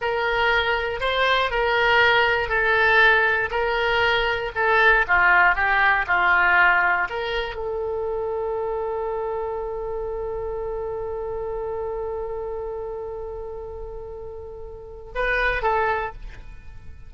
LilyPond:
\new Staff \with { instrumentName = "oboe" } { \time 4/4 \tempo 4 = 119 ais'2 c''4 ais'4~ | ais'4 a'2 ais'4~ | ais'4 a'4 f'4 g'4 | f'2 ais'4 a'4~ |
a'1~ | a'1~ | a'1~ | a'2 b'4 a'4 | }